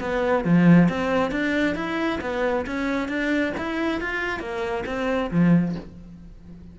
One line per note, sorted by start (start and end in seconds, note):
0.00 0.44 B3
0.44 0.89 F3
0.89 1.31 C4
1.31 1.75 D4
1.75 2.20 E4
2.21 2.65 B3
2.66 3.08 C#4
3.08 3.53 D4
3.58 4.01 E4
4.01 4.40 F4
4.40 4.84 A#3
4.86 5.31 C4
5.31 5.75 F3